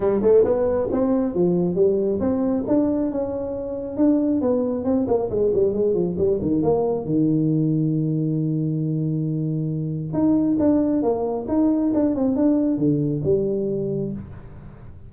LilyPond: \new Staff \with { instrumentName = "tuba" } { \time 4/4 \tempo 4 = 136 g8 a8 b4 c'4 f4 | g4 c'4 d'4 cis'4~ | cis'4 d'4 b4 c'8 ais8 | gis8 g8 gis8 f8 g8 dis8 ais4 |
dis1~ | dis2. dis'4 | d'4 ais4 dis'4 d'8 c'8 | d'4 d4 g2 | }